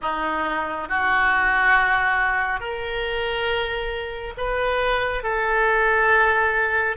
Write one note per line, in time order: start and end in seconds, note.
0.01 0.88 D#4
0.89 2.59 F#4
2.59 4.33 A#4
4.37 5.23 B4
5.23 6.96 A4